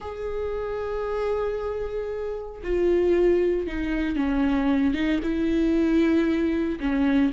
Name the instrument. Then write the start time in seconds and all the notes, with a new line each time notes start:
viola
0.00 G#4
2.63 F4
3.67 D#4
4.16 C#4
4.94 D#4
5.22 E4
6.79 C#4